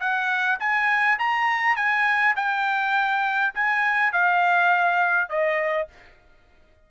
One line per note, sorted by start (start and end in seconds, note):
0.00 0.59 F#5
0.60 1.18 G#5
1.19 1.76 A#5
1.76 2.35 G#5
2.36 3.54 G5
3.55 4.13 G#5
4.13 5.29 F5
5.29 5.88 D#5